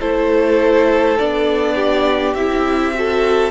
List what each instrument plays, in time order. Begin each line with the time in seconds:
0.00 cello A3, viola E4, violin A4 C5
1.18 cello B3, viola D4, violin D5
1.75 violin G4
2.34 cello C4, viola E4, violin E5
2.94 viola F#4, violin A4